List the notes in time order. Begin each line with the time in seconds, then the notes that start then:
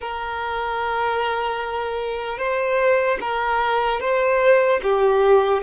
0.00 A#4
2.38 C5
3.20 A#4
4.00 C5
4.83 G4